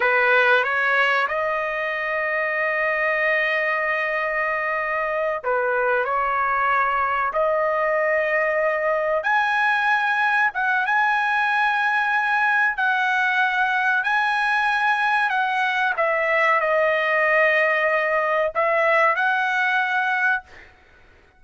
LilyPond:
\new Staff \with { instrumentName = "trumpet" } { \time 4/4 \tempo 4 = 94 b'4 cis''4 dis''2~ | dis''1~ | dis''8 b'4 cis''2 dis''8~ | dis''2~ dis''8 gis''4.~ |
gis''8 fis''8 gis''2. | fis''2 gis''2 | fis''4 e''4 dis''2~ | dis''4 e''4 fis''2 | }